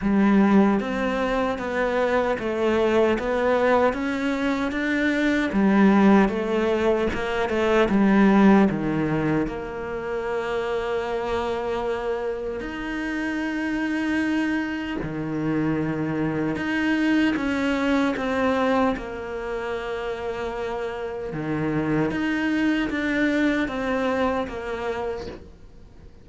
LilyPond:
\new Staff \with { instrumentName = "cello" } { \time 4/4 \tempo 4 = 76 g4 c'4 b4 a4 | b4 cis'4 d'4 g4 | a4 ais8 a8 g4 dis4 | ais1 |
dis'2. dis4~ | dis4 dis'4 cis'4 c'4 | ais2. dis4 | dis'4 d'4 c'4 ais4 | }